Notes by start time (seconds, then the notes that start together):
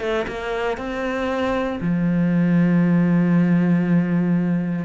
0.00 A3
0.27 A#3
0.77 C4
1.80 F3